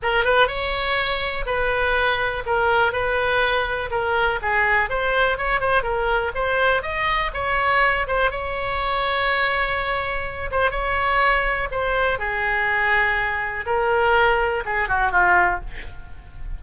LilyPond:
\new Staff \with { instrumentName = "oboe" } { \time 4/4 \tempo 4 = 123 ais'8 b'8 cis''2 b'4~ | b'4 ais'4 b'2 | ais'4 gis'4 c''4 cis''8 c''8 | ais'4 c''4 dis''4 cis''4~ |
cis''8 c''8 cis''2.~ | cis''4. c''8 cis''2 | c''4 gis'2. | ais'2 gis'8 fis'8 f'4 | }